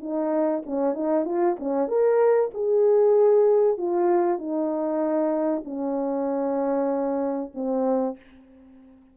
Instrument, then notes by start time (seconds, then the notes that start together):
horn
0.00 D#4
0.66 C#4
0.94 D#4
1.25 F4
1.59 C#4
1.88 A#4
2.54 G#4
3.78 F4
4.38 D#4
5.64 C#4
7.54 C4